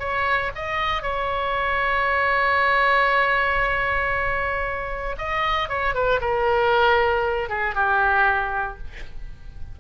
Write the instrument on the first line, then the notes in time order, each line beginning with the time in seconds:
oboe
0.00 C#5
0.55 D#5
1.03 C#5
5.19 D#5
5.69 C#5
5.95 B4
6.21 A#4
7.50 G#4
7.75 G4